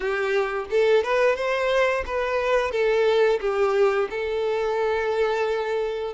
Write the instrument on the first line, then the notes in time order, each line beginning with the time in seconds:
violin
0.00 G4
0.70 A4
1.03 B4
1.35 C5
2.06 B4
2.71 A4
3.40 G4
4.10 A4